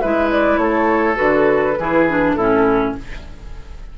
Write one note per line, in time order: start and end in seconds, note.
0.00 0.58 G#3
0.00 1.16 E4
0.00 0.59 B4
0.00 0.29 E5
0.31 0.58 D5
0.58 1.16 A3
0.58 1.79 A4
0.58 1.16 C#5
1.16 1.78 D3
1.16 1.74 F#4
1.16 2.33 B4
1.78 2.36 E3
1.78 2.09 E4
1.78 2.36 G#4
2.09 2.39 D4
2.34 2.94 A2
2.34 2.98 C#4
2.34 2.94 E4
2.34 2.92 A4